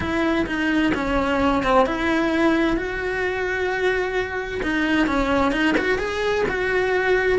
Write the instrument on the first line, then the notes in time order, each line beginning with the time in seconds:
cello
0.00 E4
0.46 D#4
0.94 C#4
1.63 C4
1.86 E4
2.76 F#4
4.63 D#4
5.06 C#4
5.52 D#4
5.77 F#4
5.98 G#4
6.48 F#4